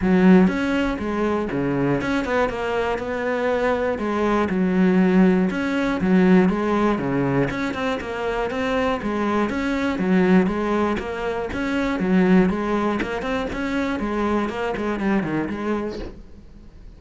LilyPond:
\new Staff \with { instrumentName = "cello" } { \time 4/4 \tempo 4 = 120 fis4 cis'4 gis4 cis4 | cis'8 b8 ais4 b2 | gis4 fis2 cis'4 | fis4 gis4 cis4 cis'8 c'8 |
ais4 c'4 gis4 cis'4 | fis4 gis4 ais4 cis'4 | fis4 gis4 ais8 c'8 cis'4 | gis4 ais8 gis8 g8 dis8 gis4 | }